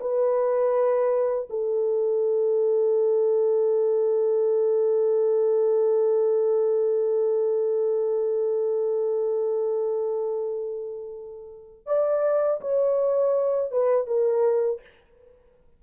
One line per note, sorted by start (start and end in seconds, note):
0.00 1.48 B4
1.49 11.86 A4
11.86 12.60 D5
12.61 13.71 C#5
13.71 14.07 B4
14.07 14.81 A#4